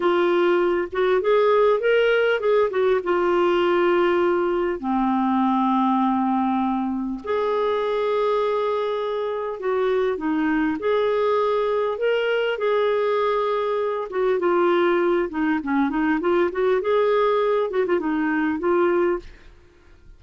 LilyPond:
\new Staff \with { instrumentName = "clarinet" } { \time 4/4 \tempo 4 = 100 f'4. fis'8 gis'4 ais'4 | gis'8 fis'8 f'2. | c'1 | gis'1 |
fis'4 dis'4 gis'2 | ais'4 gis'2~ gis'8 fis'8 | f'4. dis'8 cis'8 dis'8 f'8 fis'8 | gis'4. fis'16 f'16 dis'4 f'4 | }